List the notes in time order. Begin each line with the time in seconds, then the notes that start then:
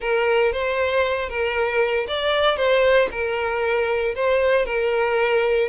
0.00 A#4
0.52 C5
1.29 A#4
2.07 D5
2.57 C5
3.11 A#4
4.15 C5
4.65 A#4